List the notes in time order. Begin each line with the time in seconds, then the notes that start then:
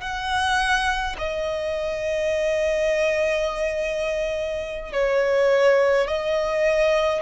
0.00 F#5
1.17 D#5
4.92 C#5
6.07 D#5